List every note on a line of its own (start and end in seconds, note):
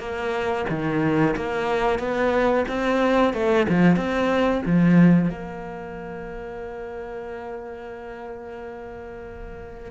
0.00 0.66 A#3
0.70 1.36 D#3
1.37 2.00 A#3
2.00 2.66 B3
2.69 3.34 C4
3.34 3.67 A3
3.69 3.97 F3
3.97 4.62 C4
4.66 5.30 F3
5.30 9.91 A#3